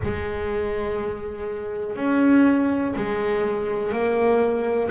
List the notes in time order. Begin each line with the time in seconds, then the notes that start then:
0.03 G#3
1.96 C#4
2.96 G#3
3.92 A#3